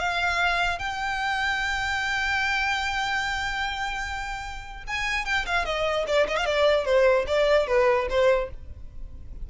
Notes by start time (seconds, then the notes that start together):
0.00 F5
0.79 G5
4.88 G#5
5.26 G5
5.47 F5
5.66 D#5
6.08 D5
6.28 D#5
6.37 F5
6.46 D5
6.86 C5
7.28 D5
7.68 B4
8.10 C5